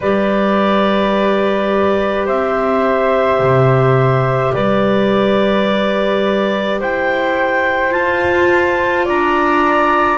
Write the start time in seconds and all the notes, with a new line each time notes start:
0.00 G3 G4 B4 D5
2.26 C4 C5 E5
3.39 C3
4.53 G3 B4 D5
6.80 E4 C5 G5
7.91 F4 A5
9.04 D4 D5 A#5